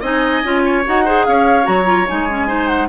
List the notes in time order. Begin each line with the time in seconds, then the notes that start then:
0.00 C4 D#4 D#5 G#5
0.44 C#4 F4
0.65 C#5
0.85 D#4 F#4 F#5
1.04 G#4 C5
1.26 C#4 C#5 F5
1.63 F#3 F#4 A#5
1.85 F4
2.07 G#3 D#4 G#5
2.30 C#4
2.47 D#4 C5
2.67 F#5